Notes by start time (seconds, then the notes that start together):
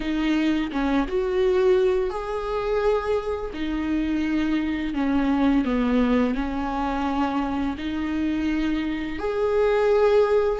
0.00 D#4
0.72 C#4
1.07 F#4
2.10 G#4
3.53 D#4
4.94 C#4
5.65 B3
6.34 C#4
7.77 D#4
9.19 G#4